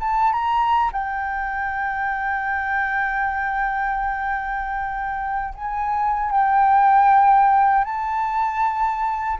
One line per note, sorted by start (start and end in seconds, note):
0.00 0.33 A5
0.33 0.91 A#5
0.92 5.54 G5
5.55 6.31 G#5
6.31 7.85 G5
7.85 9.38 A5